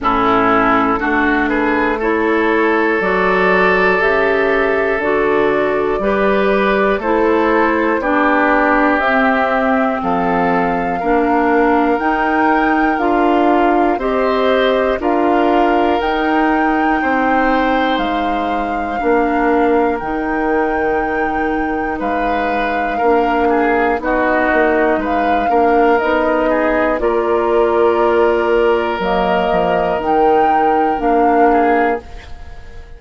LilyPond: <<
  \new Staff \with { instrumentName = "flute" } { \time 4/4 \tempo 4 = 60 a'4. b'8 cis''4 d''4 | e''4 d''2 c''4 | d''4 e''4 f''2 | g''4 f''4 dis''4 f''4 |
g''2 f''2 | g''2 f''2 | dis''4 f''4 dis''4 d''4~ | d''4 dis''4 g''4 f''4 | }
  \new Staff \with { instrumentName = "oboe" } { \time 4/4 e'4 fis'8 gis'8 a'2~ | a'2 b'4 a'4 | g'2 a'4 ais'4~ | ais'2 c''4 ais'4~ |
ais'4 c''2 ais'4~ | ais'2 b'4 ais'8 gis'8 | fis'4 b'8 ais'4 gis'8 ais'4~ | ais'2.~ ais'8 gis'8 | }
  \new Staff \with { instrumentName = "clarinet" } { \time 4/4 cis'4 d'4 e'4 fis'4 | g'4 fis'4 g'4 e'4 | d'4 c'2 d'4 | dis'4 f'4 g'4 f'4 |
dis'2. d'4 | dis'2. d'4 | dis'4. d'8 dis'4 f'4~ | f'4 ais4 dis'4 d'4 | }
  \new Staff \with { instrumentName = "bassoon" } { \time 4/4 a,4 a2 fis4 | cis4 d4 g4 a4 | b4 c'4 f4 ais4 | dis'4 d'4 c'4 d'4 |
dis'4 c'4 gis4 ais4 | dis2 gis4 ais4 | b8 ais8 gis8 ais8 b4 ais4~ | ais4 fis8 f8 dis4 ais4 | }
>>